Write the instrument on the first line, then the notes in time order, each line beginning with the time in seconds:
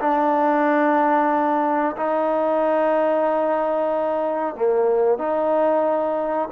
trombone
0.00 D4
1.97 D#4
4.55 A#3
5.18 D#4